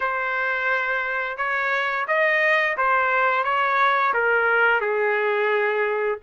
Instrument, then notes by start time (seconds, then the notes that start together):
trumpet
0.00 C5
1.37 C#5
2.07 D#5
2.77 C5
3.44 C#5
4.13 A#4
4.81 G#4